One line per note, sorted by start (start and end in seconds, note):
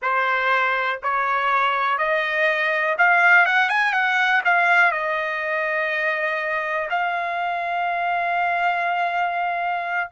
0.02 1.00 C5
1.02 1.98 C#5
1.98 2.96 D#5
2.98 3.45 F5
3.45 3.69 F#5
3.69 3.92 G#5
3.92 4.41 F#5
4.44 4.91 F5
4.91 6.88 D#5
6.90 10.10 F5